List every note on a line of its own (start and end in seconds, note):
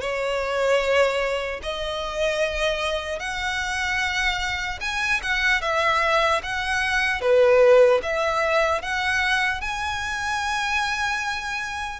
0.00 1.60 C#5
1.62 3.19 D#5
3.19 4.79 F#5
4.80 5.20 G#5
5.22 5.61 F#5
5.61 6.41 E5
6.43 7.21 F#5
7.21 8.01 B4
8.02 8.81 E5
8.81 9.61 F#5
9.61 12.00 G#5